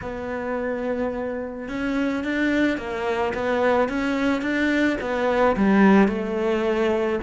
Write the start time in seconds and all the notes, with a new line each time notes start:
0.01 B3
1.68 C#4
2.23 D4
2.77 A#3
3.34 B3
3.88 C#4
4.41 D4
5.00 B3
5.56 G3
6.08 A3